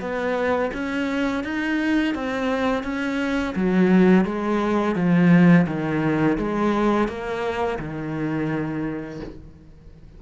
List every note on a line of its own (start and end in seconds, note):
0.00 0.71 B3
0.73 1.43 C#4
1.43 2.14 D#4
2.14 2.83 C4
2.83 3.54 C#4
3.55 4.24 F#3
4.24 4.95 G#3
4.95 5.66 F3
5.67 6.37 D#3
6.38 7.08 G#3
7.08 7.78 A#3
7.79 9.20 D#3